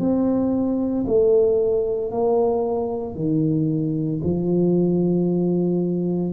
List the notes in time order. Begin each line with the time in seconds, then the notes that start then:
0.00 C4
1.07 A3
2.12 A#3
3.16 D#3
4.24 F3